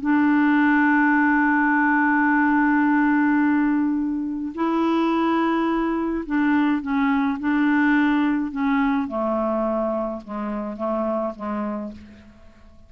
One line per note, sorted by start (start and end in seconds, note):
0.00 4.53 D4
4.54 6.24 E4
6.26 6.82 D4
6.82 7.38 C#4
7.39 8.51 D4
8.51 9.07 C#4
9.07 10.21 A3
10.24 10.76 G#3
10.76 11.33 A3
11.35 11.92 G#3